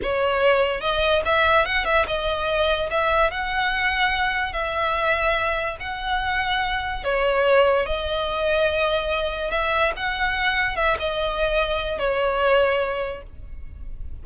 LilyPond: \new Staff \with { instrumentName = "violin" } { \time 4/4 \tempo 4 = 145 cis''2 dis''4 e''4 | fis''8 e''8 dis''2 e''4 | fis''2. e''4~ | e''2 fis''2~ |
fis''4 cis''2 dis''4~ | dis''2. e''4 | fis''2 e''8 dis''4.~ | dis''4 cis''2. | }